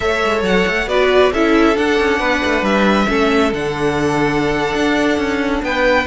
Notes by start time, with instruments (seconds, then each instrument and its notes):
0.00 cello A3, viola A4, violin C#5 E5
0.24 cello G#3
0.42 cello F#3, violin F#5
0.67 cello A3
0.86 cello B3, viola F#4, violin B4 D5
1.32 cello C#4, viola E4, violin A4 E5
1.74 viola D4, cello D4, violin F#5
1.99 cello C#4
2.19 cello B3, violin B4
2.45 cello A3
2.62 cello G3, violin E5
3.08 cello A3, viola C#4, violin A4
3.52 cello D3, viola D4, violin F#5
4.74 cello D4
5.18 cello C#4
5.62 cello B3, violin B4 G5